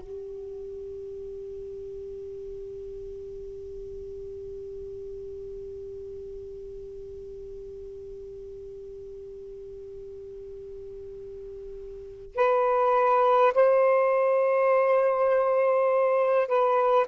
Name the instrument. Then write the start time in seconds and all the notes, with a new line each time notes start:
saxophone
0.00 G4
12.35 B4
13.54 C5
16.48 B4